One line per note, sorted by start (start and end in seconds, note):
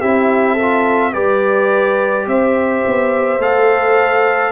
0.00 1.14 C4
0.00 0.58 E4
0.00 0.53 G4
0.00 1.13 E5
0.53 1.10 A4
0.59 1.12 F4
1.12 2.26 G3
1.12 3.39 G4
1.12 2.26 B4
1.12 2.26 D5
2.26 2.83 C4
2.26 4.51 C5
2.26 3.41 E5
2.86 3.38 B3
3.38 4.51 A3
3.38 4.51 A4
3.38 4.51 F5